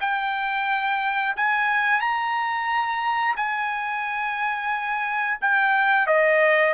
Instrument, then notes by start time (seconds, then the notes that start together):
trumpet
0.00 G5
1.36 G#5
2.00 A#5
3.36 G#5
5.41 G5
6.07 D#5